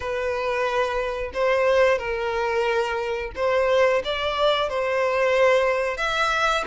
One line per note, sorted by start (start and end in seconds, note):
0.00 1.31 B4
1.33 1.98 C5
1.98 3.32 A#4
3.35 4.02 C5
4.04 4.69 D5
4.69 5.97 C5
5.97 6.64 E5